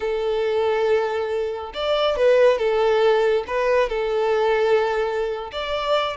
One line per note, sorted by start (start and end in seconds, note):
0.00 1.72 A4
1.74 2.16 D5
2.16 2.58 B4
2.58 3.44 A4
3.47 3.89 B4
3.89 5.51 A4
5.52 6.16 D5